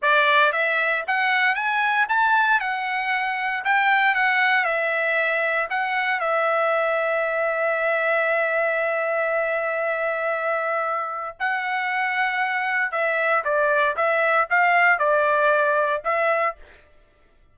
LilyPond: \new Staff \with { instrumentName = "trumpet" } { \time 4/4 \tempo 4 = 116 d''4 e''4 fis''4 gis''4 | a''4 fis''2 g''4 | fis''4 e''2 fis''4 | e''1~ |
e''1~ | e''2 fis''2~ | fis''4 e''4 d''4 e''4 | f''4 d''2 e''4 | }